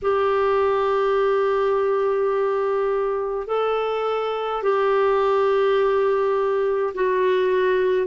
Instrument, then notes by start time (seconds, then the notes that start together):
clarinet
0.02 G4
3.47 A4
4.62 G4
6.94 F#4